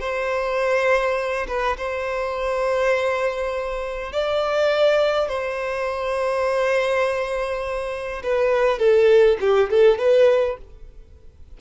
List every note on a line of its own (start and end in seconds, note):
0.00 1.47 C5
1.48 1.77 B4
1.77 4.12 C5
4.13 5.28 D5
5.28 8.22 C5
8.24 8.79 B4
8.79 9.38 A4
9.40 9.70 G4
9.70 9.98 A4
9.98 10.57 B4